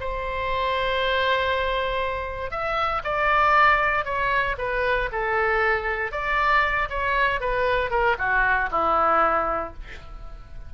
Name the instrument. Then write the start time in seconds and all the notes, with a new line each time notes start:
oboe
0.00 C5
2.51 E5
3.04 D5
4.05 C#5
4.58 B4
5.12 A4
6.12 D5
6.90 C#5
7.41 B4
7.91 A#4
8.18 F#4
8.71 E4